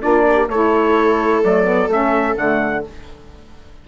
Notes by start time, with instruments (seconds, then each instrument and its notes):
0.00 bassoon A#3, saxophone D4, viola F4, trumpet D5
0.27 viola G4
0.48 bassoon A3, saxophone E4, viola A4, trumpet C#5
1.42 bassoon F#3, saxophone A3, trumpet D5
1.64 saxophone B3
1.87 bassoon A3, saxophone C#4, trumpet E5
2.36 bassoon D3, saxophone A3, trumpet F#5